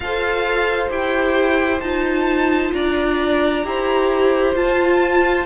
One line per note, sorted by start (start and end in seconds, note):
0.00 0.88 F4
0.00 0.90 A4
0.00 2.74 C5
0.00 0.89 F5
0.90 1.80 E4
0.90 1.81 G4
0.90 1.80 G5
1.80 2.72 D#4
1.80 3.64 F4
1.80 2.71 A5
2.73 3.64 D4
2.73 3.65 D5
2.73 4.55 A#5
3.64 4.55 E4
3.64 4.55 G4
3.64 5.45 C5
4.55 5.45 F4
4.55 5.45 A5